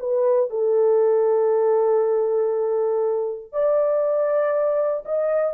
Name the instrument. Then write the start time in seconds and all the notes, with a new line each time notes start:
horn
0.00 B4
0.50 A4
3.52 D5
5.05 D#5